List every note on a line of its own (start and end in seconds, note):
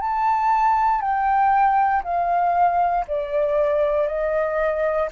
0.00 1.01 A5
1.01 2.02 G5
2.03 3.05 F5
3.07 4.07 D5
4.07 5.09 D#5